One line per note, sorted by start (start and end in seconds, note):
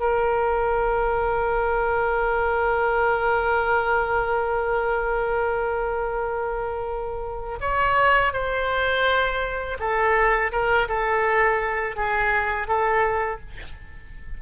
0.00 7.59 A#4
7.61 8.33 C#5
8.33 9.78 C5
9.80 10.52 A4
10.52 10.89 A#4
10.89 11.96 A4
11.96 12.68 G#4
12.68 13.40 A4